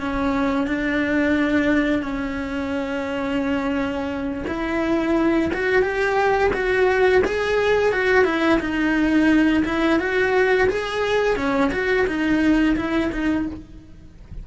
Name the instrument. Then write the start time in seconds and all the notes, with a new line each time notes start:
cello
0.00 C#4
0.66 D4
2.02 C#4
4.47 E4
5.53 F#4
5.82 G4
6.53 F#4
7.24 G#4
7.92 F#4
8.24 E4
8.60 D#4
9.65 E4
9.99 F#4
10.69 G#4
11.36 C#4
11.71 F#4
12.07 D#4
12.76 E4
13.12 D#4